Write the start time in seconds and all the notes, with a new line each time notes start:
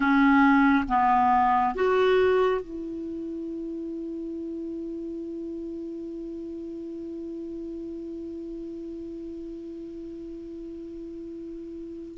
0.00 C#4
0.88 B3
1.74 F#4
2.61 E4